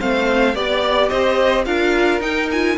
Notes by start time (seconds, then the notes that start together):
0.00 A3 C4 C5 F5
0.55 B3 G4 D5
1.09 C4 C5 D#5
1.66 D4 F4 A#4 F5
2.20 D#4 G5
2.52 F4 G#5